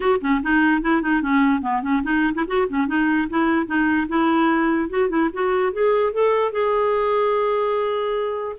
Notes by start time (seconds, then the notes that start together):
0.00 F#4
0.21 C#4
0.42 D#4
0.81 E4
1.01 D#4
1.22 C#4
1.61 B3
1.82 C#4
2.03 D#4
2.34 E4
2.47 F#4
2.68 C#4
2.87 D#4
3.29 E4
3.66 D#4
4.08 E4
4.89 F#4
5.09 E4
5.33 F#4
5.73 G#4
6.12 A4
6.52 G#4